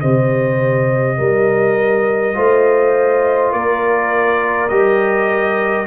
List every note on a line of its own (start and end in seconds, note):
0.00 1.19 C3
0.00 2.34 G4
0.00 1.18 C5
0.00 3.53 D#5
1.18 2.37 G3
1.18 2.36 A#4
2.34 3.53 A3
2.34 4.69 F4
2.34 3.52 C5
3.52 4.71 A#3
3.52 5.87 A#4
3.52 4.69 D5
4.69 5.87 G3
4.69 5.87 G4
4.69 5.86 D#5